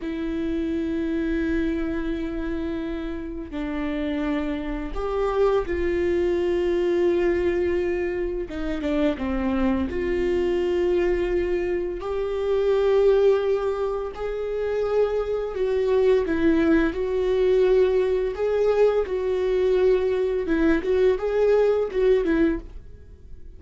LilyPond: \new Staff \with { instrumentName = "viola" } { \time 4/4 \tempo 4 = 85 e'1~ | e'4 d'2 g'4 | f'1 | dis'8 d'8 c'4 f'2~ |
f'4 g'2. | gis'2 fis'4 e'4 | fis'2 gis'4 fis'4~ | fis'4 e'8 fis'8 gis'4 fis'8 e'8 | }